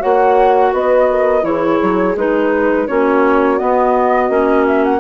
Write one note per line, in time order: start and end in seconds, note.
0.00 0.73 A#3
0.00 1.42 F#4
0.00 0.71 C#5
0.00 0.74 F#5
0.73 1.43 B3
0.73 1.09 B4
0.73 1.45 D#5
1.10 1.46 A#4
1.42 1.79 E3
1.42 2.14 E4
1.42 2.89 G#4
1.42 2.16 C#5
1.83 2.16 F#3
2.16 2.88 G#3
2.16 2.89 D#4
2.16 2.88 B4
2.88 3.61 A#3
2.88 3.59 C#4
2.88 5.00 F#4
2.88 3.59 C#5
3.59 4.30 B3
3.59 4.66 D#5
4.30 5.00 A#3
4.30 5.00 C#4
4.67 4.85 E5
4.85 5.00 F#5